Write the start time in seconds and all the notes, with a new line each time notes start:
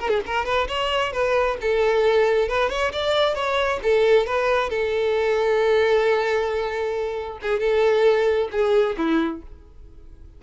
0.00 A#4
0.09 G#4
0.27 A#4
0.45 B4
0.68 C#5
1.13 B4
1.61 A4
2.49 B4
2.70 C#5
2.92 D5
3.35 C#5
3.83 A4
4.27 B4
4.70 A4
7.42 G#4
7.60 A4
8.52 G#4
8.98 E4